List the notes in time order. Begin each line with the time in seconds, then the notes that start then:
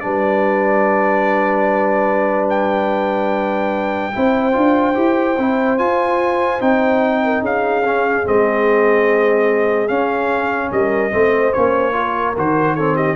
0.00 G3 D4 B4 D5
2.50 G5
4.13 C4 E4 C5
4.53 D4 F4
4.94 E4 G4
5.38 C4 E4
5.78 F4 G#5
6.60 C4 D#4 G5
7.24 A#4
7.41 C#4 G#4 F5
7.85 C#4
8.25 G#3 C4 D#5
9.88 C#4 F5
10.72 G3 A#4 D#5
11.11 A3 C4 C5
11.52 A#3 C#4 C#5
11.92 F4 A#4
12.37 D#3 F#4 C5
12.76 C4 A4 C#5
12.96 G4 D#5